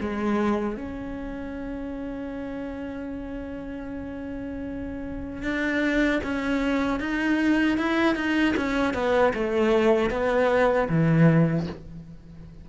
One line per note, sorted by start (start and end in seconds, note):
0.00 0.77 G#3
0.77 5.43 C#4
5.43 6.21 D4
6.23 7.00 C#4
7.00 7.77 D#4
7.77 8.15 E4
8.15 8.54 D#4
8.56 8.94 C#4
8.94 9.33 B3
9.34 10.10 A3
10.10 10.88 B3
10.89 11.67 E3